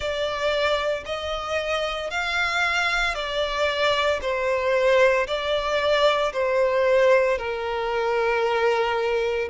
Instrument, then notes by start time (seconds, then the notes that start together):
violin
0.00 D5
1.05 D#5
2.10 F5
3.14 D5
4.21 C5
5.27 D5
6.32 C5
7.38 A#4